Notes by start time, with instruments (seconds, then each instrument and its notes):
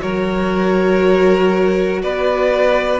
0.00 cello F#3, viola F#4, violin A#4 C#5
2.03 cello B3, violin B4 D5